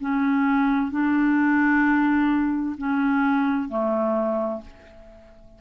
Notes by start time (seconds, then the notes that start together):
0.00 C#4
0.91 D4
2.77 C#4
3.68 A3